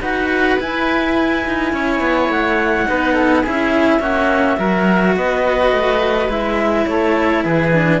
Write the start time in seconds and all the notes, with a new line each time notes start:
0.00 D#4 F#4 B4 F#5
0.59 E4 G#5
1.46 D#4
1.72 C#4 C#5
2.00 B3
2.29 A3 F#5
2.86 B3 D#4 B4
3.13 A4
3.42 C#4 E4 G#4 E5
3.99 A#3 C#4 F#4
4.57 F#3 F#4 A#4
5.15 B3 B4 D#5
5.72 A3
6.28 G#3 E4 E5
6.86 A3 A4 C#5
7.44 E3 G#4 B4
7.72 D4